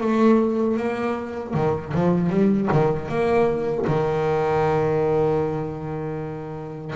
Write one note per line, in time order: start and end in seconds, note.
0.00 0.77 A3
0.77 1.53 A#3
1.53 1.92 D#3
1.94 2.29 F3
2.29 2.68 G3
2.72 3.08 D#3
3.08 3.85 A#3
3.86 6.94 D#3